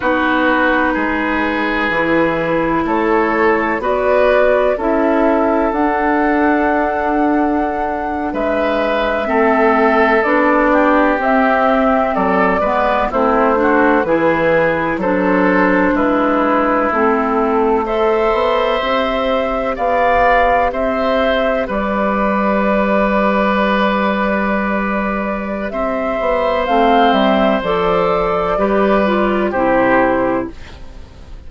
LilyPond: <<
  \new Staff \with { instrumentName = "flute" } { \time 4/4 \tempo 4 = 63 b'2. cis''4 | d''4 e''4 fis''2~ | fis''8. e''2 d''4 e''16~ | e''8. d''4 c''4 b'4 c''16~ |
c''8. b'4 a'4 e''4~ e''16~ | e''8. f''4 e''4 d''4~ d''16~ | d''2. e''4 | f''8 e''8 d''2 c''4 | }
  \new Staff \with { instrumentName = "oboe" } { \time 4/4 fis'4 gis'2 a'4 | b'4 a'2.~ | a'8. b'4 a'4. g'8.~ | g'8. a'8 b'8 e'8 fis'8 gis'4 a'16~ |
a'8. e'2 c''4~ c''16~ | c''8. d''4 c''4 b'4~ b'16~ | b'2. c''4~ | c''2 b'4 g'4 | }
  \new Staff \with { instrumentName = "clarinet" } { \time 4/4 dis'2 e'2 | fis'4 e'4 d'2~ | d'4.~ d'16 c'4 d'4 c'16~ | c'4~ c'16 b8 c'8 d'8 e'4 d'16~ |
d'4.~ d'16 c'4 a'4 g'16~ | g'1~ | g'1 | c'4 a'4 g'8 f'8 e'4 | }
  \new Staff \with { instrumentName = "bassoon" } { \time 4/4 b4 gis4 e4 a4 | b4 cis'4 d'2~ | d'8. gis4 a4 b4 c'16~ | c'8. fis8 gis8 a4 e4 fis16~ |
fis8. gis4 a4. b8 c'16~ | c'8. b4 c'4 g4~ g16~ | g2. c'8 b8 | a8 g8 f4 g4 c4 | }
>>